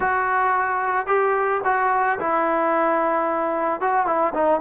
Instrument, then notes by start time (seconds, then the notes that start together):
trombone
0.00 F#4
1.06 G4
1.64 F#4
2.19 E4
3.80 F#4
4.06 E4
4.33 D#4